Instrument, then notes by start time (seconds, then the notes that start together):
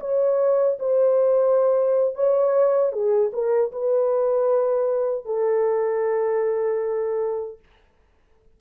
horn
0.00 C#5
0.79 C5
2.15 C#5
2.92 G#4
3.33 A#4
3.72 B4
5.25 A4